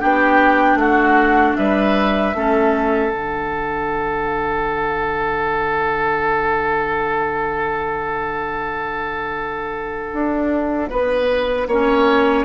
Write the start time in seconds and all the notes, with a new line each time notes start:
0.00 B3 D4 G4 G5
0.75 A3 F#4 F#5
1.56 G3 B4 E5
2.34 A3 C#4 A4
3.11 D3 D4 F#5
10.13 D4
10.89 B3 B4
11.67 A#3 C#4 C#5